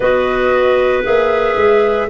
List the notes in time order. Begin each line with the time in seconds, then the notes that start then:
0.00 B3 F#4 B4 D#5
1.03 A#3 G#4 E5
1.56 G#3